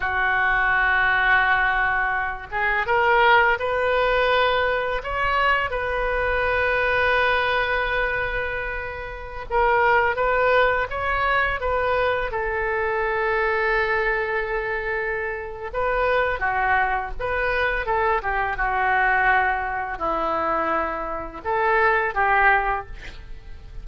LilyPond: \new Staff \with { instrumentName = "oboe" } { \time 4/4 \tempo 4 = 84 fis'2.~ fis'8 gis'8 | ais'4 b'2 cis''4 | b'1~ | b'4~ b'16 ais'4 b'4 cis''8.~ |
cis''16 b'4 a'2~ a'8.~ | a'2 b'4 fis'4 | b'4 a'8 g'8 fis'2 | e'2 a'4 g'4 | }